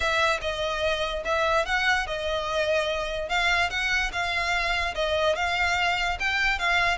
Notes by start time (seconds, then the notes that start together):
0.00 E5
0.41 D#5
1.24 E5
1.65 F#5
2.07 D#5
3.29 F5
3.70 F#5
4.12 F5
4.94 D#5
5.35 F5
6.19 G5
6.59 F5